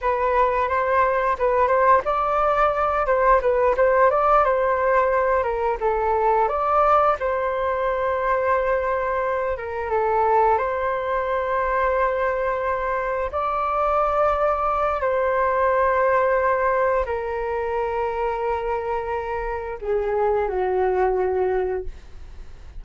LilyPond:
\new Staff \with { instrumentName = "flute" } { \time 4/4 \tempo 4 = 88 b'4 c''4 b'8 c''8 d''4~ | d''8 c''8 b'8 c''8 d''8 c''4. | ais'8 a'4 d''4 c''4.~ | c''2 ais'8 a'4 c''8~ |
c''2.~ c''8 d''8~ | d''2 c''2~ | c''4 ais'2.~ | ais'4 gis'4 fis'2 | }